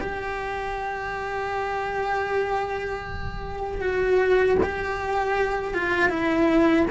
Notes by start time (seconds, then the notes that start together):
0.00 G4
3.81 F#4
4.63 G4
5.73 F4
6.09 E4